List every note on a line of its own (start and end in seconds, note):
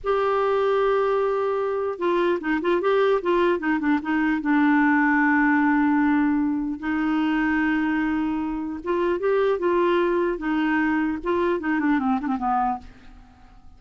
0.03 1.98 G4
1.98 2.38 F4
2.40 2.60 D#4
2.61 2.81 F4
2.81 3.21 G4
3.22 3.59 F4
3.59 3.79 D#4
3.79 3.99 D4
4.01 4.41 D#4
4.41 6.79 D4
6.79 8.79 D#4
8.83 9.19 F4
9.19 9.58 G4
9.58 10.38 F4
10.38 11.18 D#4
11.23 11.60 F4
11.60 11.79 D#4
11.79 11.99 D4
11.99 12.19 C4
12.20 12.27 D4
12.27 12.37 C4
12.38 12.78 B3